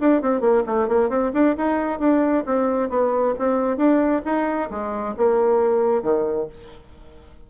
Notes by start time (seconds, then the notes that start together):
0.00 D4
0.22 C4
0.41 A#3
0.67 A3
0.89 A#3
1.10 C4
1.34 D4
1.58 D#4
2.00 D4
2.46 C4
2.90 B3
3.39 C4
3.78 D4
4.25 D#4
4.71 G#3
5.17 A#3
6.03 D#3